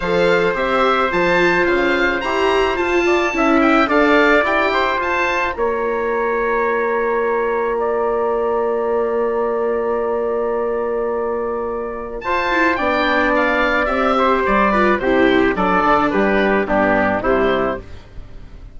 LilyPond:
<<
  \new Staff \with { instrumentName = "oboe" } { \time 4/4 \tempo 4 = 108 f''4 e''4 a''4 f''4 | ais''4 a''4. g''8 f''4 | g''4 a''4 ais''2~ | ais''1~ |
ais''1~ | ais''2 a''4 g''4 | f''4 e''4 d''4 c''4 | d''4 b'4 g'4 c''4 | }
  \new Staff \with { instrumentName = "trumpet" } { \time 4/4 c''1~ | c''4. d''8 e''4 d''4~ | d''8 c''4. cis''2~ | cis''2 d''2~ |
d''1~ | d''2 c''4 d''4~ | d''4. c''4 b'8 g'4 | a'4 g'4 d'4 e'4 | }
  \new Staff \with { instrumentName = "viola" } { \time 4/4 a'4 g'4 f'2 | g'4 f'4 e'4 a'4 | g'4 f'2.~ | f'1~ |
f'1~ | f'2~ f'8 e'8 d'4~ | d'4 g'4. f'8 e'4 | d'2 b4 g4 | }
  \new Staff \with { instrumentName = "bassoon" } { \time 4/4 f4 c'4 f4 cis4 | e'4 f'4 cis'4 d'4 | e'4 f'4 ais2~ | ais1~ |
ais1~ | ais2 f'4 b4~ | b4 c'4 g4 c4 | fis8 d8 g4 g,4 c4 | }
>>